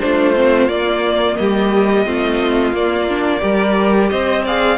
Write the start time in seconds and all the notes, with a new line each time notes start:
0.00 A3 D4 F4 C5
0.36 C4
0.69 A#3 D5
1.37 G3 G4 D#5
2.06 A3 C4 F4
2.73 A#3 D5
3.09 D4
3.40 G3 G4 A#4
4.10 C4 C5 D#5
4.45 G#4 D5 F5